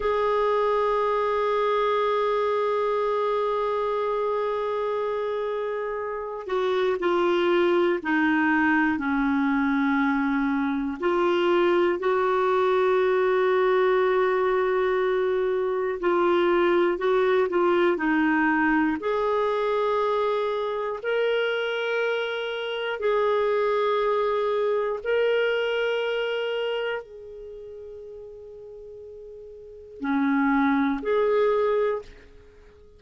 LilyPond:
\new Staff \with { instrumentName = "clarinet" } { \time 4/4 \tempo 4 = 60 gis'1~ | gis'2~ gis'8 fis'8 f'4 | dis'4 cis'2 f'4 | fis'1 |
f'4 fis'8 f'8 dis'4 gis'4~ | gis'4 ais'2 gis'4~ | gis'4 ais'2 gis'4~ | gis'2 cis'4 gis'4 | }